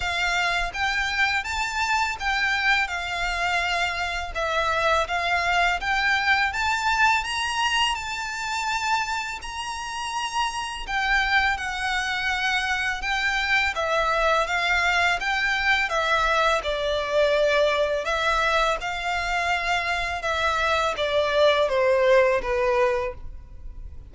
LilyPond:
\new Staff \with { instrumentName = "violin" } { \time 4/4 \tempo 4 = 83 f''4 g''4 a''4 g''4 | f''2 e''4 f''4 | g''4 a''4 ais''4 a''4~ | a''4 ais''2 g''4 |
fis''2 g''4 e''4 | f''4 g''4 e''4 d''4~ | d''4 e''4 f''2 | e''4 d''4 c''4 b'4 | }